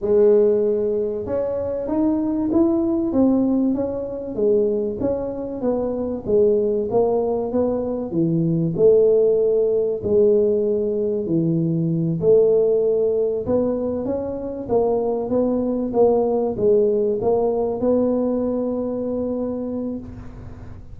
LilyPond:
\new Staff \with { instrumentName = "tuba" } { \time 4/4 \tempo 4 = 96 gis2 cis'4 dis'4 | e'4 c'4 cis'4 gis4 | cis'4 b4 gis4 ais4 | b4 e4 a2 |
gis2 e4. a8~ | a4. b4 cis'4 ais8~ | ais8 b4 ais4 gis4 ais8~ | ais8 b2.~ b8 | }